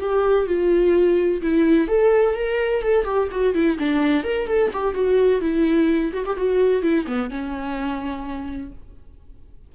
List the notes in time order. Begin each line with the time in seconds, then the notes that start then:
0.00 G4
0.47 F4
1.42 E4
1.88 A4
2.35 A#4
2.82 A4
3.05 G4
3.31 F#4
3.54 E4
3.78 D4
4.23 A#4
4.47 A4
4.73 G4
4.94 F#4
5.41 E4
6.13 F#4
6.25 G4
6.37 F#4
6.82 E4
7.07 B3
7.30 C#4